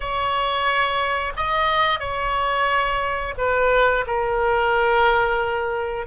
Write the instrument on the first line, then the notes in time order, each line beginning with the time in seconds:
oboe
0.00 C#5
1.36 D#5
1.99 C#5
3.37 B4
4.06 A#4